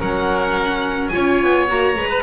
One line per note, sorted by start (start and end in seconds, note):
0.00 1.12 F#3
0.00 1.12 C#4
0.00 1.11 A#4
0.00 1.09 F#5
1.09 1.68 F4
1.09 2.09 C#5
1.09 1.64 G#5
1.16 1.43 C#4
1.43 1.70 B3
1.69 1.96 A#3
1.69 1.96 F#4
1.69 2.23 A#5
1.96 2.23 G#3
1.96 2.23 B4
2.09 2.23 B4